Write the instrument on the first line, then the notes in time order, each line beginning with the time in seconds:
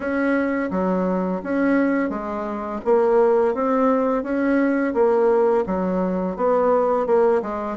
bassoon
0.00 C#4
0.71 F#3
1.43 C#4
2.09 G#3
2.84 A#3
3.54 C4
4.23 C#4
4.93 A#3
5.66 F#3
6.36 B3
7.06 A#3
7.41 G#3